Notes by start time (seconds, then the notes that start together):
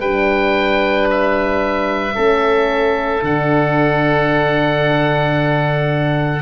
0.00 G3 D4 B4 G5
1.10 E5
2.14 A3 C#4 A4
3.22 D3 D4 F#5